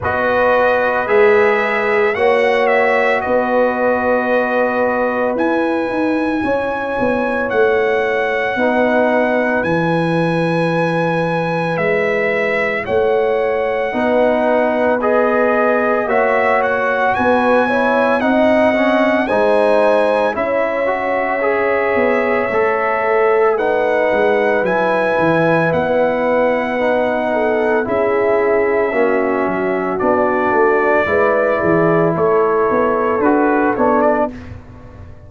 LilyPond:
<<
  \new Staff \with { instrumentName = "trumpet" } { \time 4/4 \tempo 4 = 56 dis''4 e''4 fis''8 e''8 dis''4~ | dis''4 gis''2 fis''4~ | fis''4 gis''2 e''4 | fis''2 dis''4 e''8 fis''8 |
gis''4 fis''4 gis''4 e''4~ | e''2 fis''4 gis''4 | fis''2 e''2 | d''2 cis''4 b'8 cis''16 d''16 | }
  \new Staff \with { instrumentName = "horn" } { \time 4/4 b'2 cis''4 b'4~ | b'2 cis''2 | b'1 | cis''4 b'2 cis''4 |
b'8 cis''8 dis''4 c''4 cis''4~ | cis''2 b'2~ | b'4. a'8 gis'4 fis'4~ | fis'4 b'8 gis'8 a'2 | }
  \new Staff \with { instrumentName = "trombone" } { \time 4/4 fis'4 gis'4 fis'2~ | fis'4 e'2. | dis'4 e'2.~ | e'4 dis'4 gis'4 fis'4~ |
fis'8 e'8 dis'8 cis'8 dis'4 e'8 fis'8 | gis'4 a'4 dis'4 e'4~ | e'4 dis'4 e'4 cis'4 | d'4 e'2 fis'8 d'8 | }
  \new Staff \with { instrumentName = "tuba" } { \time 4/4 b4 gis4 ais4 b4~ | b4 e'8 dis'8 cis'8 b8 a4 | b4 e2 gis4 | a4 b2 ais4 |
b4 c'4 gis4 cis'4~ | cis'8 b8 a4. gis8 fis8 e8 | b2 cis'4 ais8 fis8 | b8 a8 gis8 e8 a8 b8 d'8 b8 | }
>>